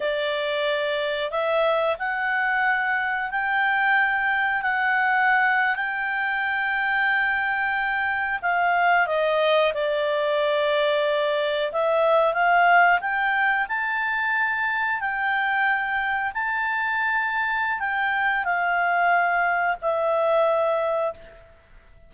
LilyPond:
\new Staff \with { instrumentName = "clarinet" } { \time 4/4 \tempo 4 = 91 d''2 e''4 fis''4~ | fis''4 g''2 fis''4~ | fis''8. g''2.~ g''16~ | g''8. f''4 dis''4 d''4~ d''16~ |
d''4.~ d''16 e''4 f''4 g''16~ | g''8. a''2 g''4~ g''16~ | g''8. a''2~ a''16 g''4 | f''2 e''2 | }